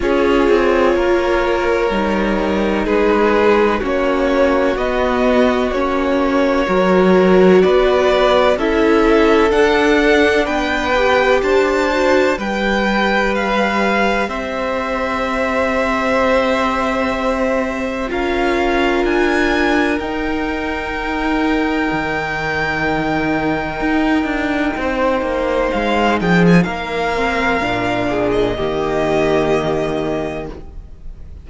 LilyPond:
<<
  \new Staff \with { instrumentName = "violin" } { \time 4/4 \tempo 4 = 63 cis''2. b'4 | cis''4 dis''4 cis''2 | d''4 e''4 fis''4 g''4 | a''4 g''4 f''4 e''4~ |
e''2. f''4 | gis''4 g''2.~ | g''2. f''8 g''16 gis''16 | f''4.~ f''16 dis''2~ dis''16 | }
  \new Staff \with { instrumentName = "violin" } { \time 4/4 gis'4 ais'2 gis'4 | fis'2. ais'4 | b'4 a'2 b'4 | c''4 b'2 c''4~ |
c''2. ais'4~ | ais'1~ | ais'2 c''4. gis'8 | ais'4. gis'8 g'2 | }
  \new Staff \with { instrumentName = "viola" } { \time 4/4 f'2 dis'2 | cis'4 b4 cis'4 fis'4~ | fis'4 e'4 d'4. g'8~ | g'8 fis'8 g'2.~ |
g'2. f'4~ | f'4 dis'2.~ | dis'1~ | dis'8 c'8 d'4 ais2 | }
  \new Staff \with { instrumentName = "cello" } { \time 4/4 cis'8 c'8 ais4 g4 gis4 | ais4 b4 ais4 fis4 | b4 cis'4 d'4 b4 | d'4 g2 c'4~ |
c'2. cis'4 | d'4 dis'2 dis4~ | dis4 dis'8 d'8 c'8 ais8 gis8 f8 | ais4 ais,4 dis2 | }
>>